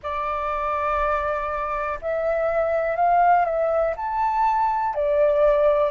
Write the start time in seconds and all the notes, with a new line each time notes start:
0.02 D5
2.01 E5
2.96 F5
3.45 E5
3.96 A5
4.94 D5